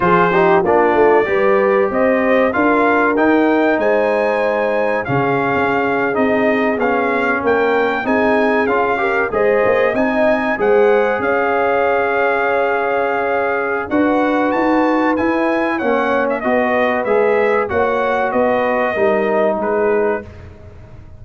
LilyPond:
<<
  \new Staff \with { instrumentName = "trumpet" } { \time 4/4 \tempo 4 = 95 c''4 d''2 dis''4 | f''4 g''4 gis''2 | f''4.~ f''16 dis''4 f''4 g''16~ | g''8. gis''4 f''4 dis''4 gis''16~ |
gis''8. fis''4 f''2~ f''16~ | f''2 fis''4 a''4 | gis''4 fis''8. e''16 dis''4 e''4 | fis''4 dis''2 b'4 | }
  \new Staff \with { instrumentName = "horn" } { \time 4/4 gis'8 g'8 f'4 b'4 c''4 | ais'2 c''2 | gis'2.~ gis'8. ais'16~ | ais'8. gis'4. ais'8 c''4 dis''16~ |
dis''8. c''4 cis''2~ cis''16~ | cis''2 b'2~ | b'4 cis''4 b'2 | cis''4 b'4 ais'4 gis'4 | }
  \new Staff \with { instrumentName = "trombone" } { \time 4/4 f'8 dis'8 d'4 g'2 | f'4 dis'2. | cis'4.~ cis'16 dis'4 cis'4~ cis'16~ | cis'8. dis'4 f'8 g'8 gis'4 dis'16~ |
dis'8. gis'2.~ gis'16~ | gis'2 fis'2 | e'4 cis'4 fis'4 gis'4 | fis'2 dis'2 | }
  \new Staff \with { instrumentName = "tuba" } { \time 4/4 f4 ais8 a8 g4 c'4 | d'4 dis'4 gis2 | cis8. cis'4 c'4 b4 ais16~ | ais8. c'4 cis'4 gis8 ais8 c'16~ |
c'8. gis4 cis'2~ cis'16~ | cis'2 d'4 dis'4 | e'4 ais4 b4 gis4 | ais4 b4 g4 gis4 | }
>>